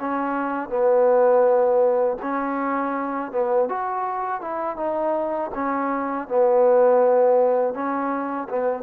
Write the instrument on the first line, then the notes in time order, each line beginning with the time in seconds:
trombone
0.00 C#4
0.69 B3
2.23 C#4
3.32 B3
3.69 F#4
4.41 E4
4.77 D#4
5.55 C#4
6.28 B3
7.74 C#4
8.49 B3